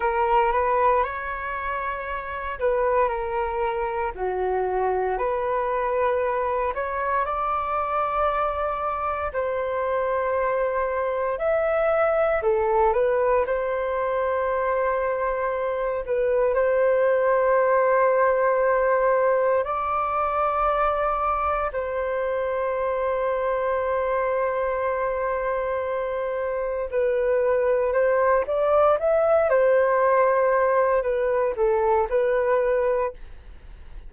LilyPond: \new Staff \with { instrumentName = "flute" } { \time 4/4 \tempo 4 = 58 ais'8 b'8 cis''4. b'8 ais'4 | fis'4 b'4. cis''8 d''4~ | d''4 c''2 e''4 | a'8 b'8 c''2~ c''8 b'8 |
c''2. d''4~ | d''4 c''2.~ | c''2 b'4 c''8 d''8 | e''8 c''4. b'8 a'8 b'4 | }